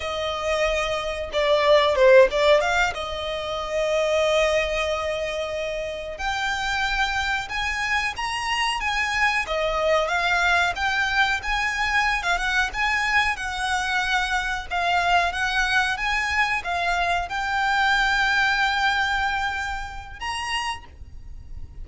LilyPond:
\new Staff \with { instrumentName = "violin" } { \time 4/4 \tempo 4 = 92 dis''2 d''4 c''8 d''8 | f''8 dis''2.~ dis''8~ | dis''4. g''2 gis''8~ | gis''8 ais''4 gis''4 dis''4 f''8~ |
f''8 g''4 gis''4~ gis''16 f''16 fis''8 gis''8~ | gis''8 fis''2 f''4 fis''8~ | fis''8 gis''4 f''4 g''4.~ | g''2. ais''4 | }